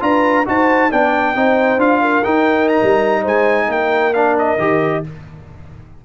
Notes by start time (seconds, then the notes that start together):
0.00 D4 F4 B4 A#5
0.46 D#4 F#4 C5 A5
0.91 B3 D4 D5 G5
1.35 C4 D#4 C5
1.77 D4 F4 F5
2.01 A#4
2.24 D#4 G5
2.69 A#5
2.83 G3
3.22 G#3 C5 G#5
3.67 A#3 A#4 G5
4.14 D4 F5
4.38 D#5
4.58 D#3 G4